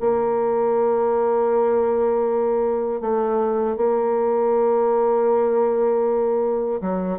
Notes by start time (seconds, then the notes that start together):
0.00 A#3
3.00 A3
3.76 A#3
6.81 F#3